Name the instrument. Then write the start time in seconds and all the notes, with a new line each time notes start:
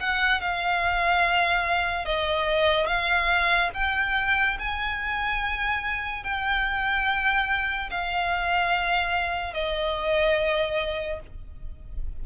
violin
0.00 F#5
0.41 F5
2.05 D#5
2.87 F5
3.74 G5
4.59 G#5
6.23 G5
7.91 F5
9.53 D#5